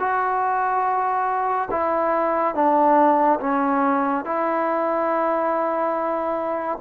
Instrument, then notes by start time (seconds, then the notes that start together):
trombone
0.00 F#4
1.71 E4
2.55 D4
3.41 C#4
4.25 E4